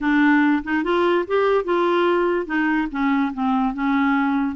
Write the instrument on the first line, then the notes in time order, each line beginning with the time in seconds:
clarinet
0.00 D4
0.63 D#4
0.83 F4
1.27 G4
1.64 F4
2.46 D#4
2.91 C#4
3.33 C4
3.74 C#4